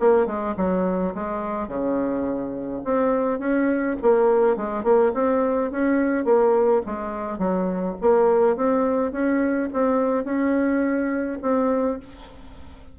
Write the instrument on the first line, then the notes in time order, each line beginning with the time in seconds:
bassoon
0.00 A#3
0.27 G#3
0.57 F#3
1.15 G#3
1.68 C#3
2.85 C4
3.40 C#4
4.02 A#3
4.57 G#3
4.84 A#3
5.15 C4
5.72 C#4
6.25 A#3
6.86 G#3
7.39 F#3
8.02 A#3
8.57 C4
9.13 C#4
9.74 C4
10.25 C#4
11.42 C4